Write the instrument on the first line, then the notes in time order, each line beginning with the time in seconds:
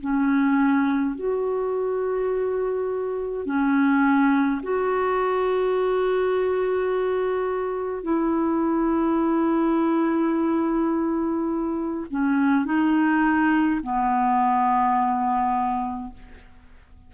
clarinet
0.00 C#4
1.15 F#4
3.46 C#4
4.62 F#4
8.02 E4
12.10 C#4
12.65 D#4
13.82 B3